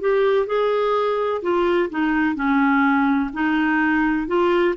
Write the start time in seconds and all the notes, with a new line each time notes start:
0.00 G4
0.46 G#4
1.42 F4
1.90 D#4
2.35 C#4
3.33 D#4
4.27 F4